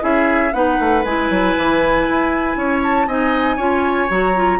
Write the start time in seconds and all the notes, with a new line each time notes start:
0.00 C#4 E4 G#4 E5
0.53 B3 D#4 B4 F#5
0.79 A3
1.04 G#3 E4 G#5
1.30 F#3
1.57 E3
2.09 E4
2.56 C#4 C#5
2.83 A5
3.07 C4 D#4 D#5 G#5
3.57 C#4 F4 C#5
4.10 F#3 F#4 A#5
4.35 F4